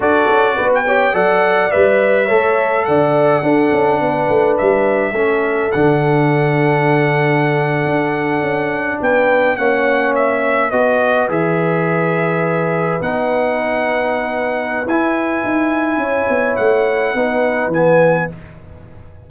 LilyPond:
<<
  \new Staff \with { instrumentName = "trumpet" } { \time 4/4 \tempo 4 = 105 d''4~ d''16 g''8. fis''4 e''4~ | e''4 fis''2. | e''2 fis''2~ | fis''2.~ fis''8. g''16~ |
g''8. fis''4 e''4 dis''4 e''16~ | e''2~ e''8. fis''4~ fis''16~ | fis''2 gis''2~ | gis''4 fis''2 gis''4 | }
  \new Staff \with { instrumentName = "horn" } { \time 4/4 a'4 b'8 cis''8 d''2 | cis''4 d''4 a'4 b'4~ | b'4 a'2.~ | a'2.~ a'8. b'16~ |
b'8. cis''2 b'4~ b'16~ | b'1~ | b'1 | cis''2 b'2 | }
  \new Staff \with { instrumentName = "trombone" } { \time 4/4 fis'4. g'8 a'4 b'4 | a'2 d'2~ | d'4 cis'4 d'2~ | d'1~ |
d'8. cis'2 fis'4 gis'16~ | gis'2~ gis'8. dis'4~ dis'16~ | dis'2 e'2~ | e'2 dis'4 b4 | }
  \new Staff \with { instrumentName = "tuba" } { \time 4/4 d'8 cis'8 b4 fis4 g4 | a4 d4 d'8 cis'8 b8 a8 | g4 a4 d2~ | d4.~ d16 d'4 cis'4 b16~ |
b8. ais2 b4 e16~ | e2~ e8. b4~ b16~ | b2 e'4 dis'4 | cis'8 b8 a4 b4 e4 | }
>>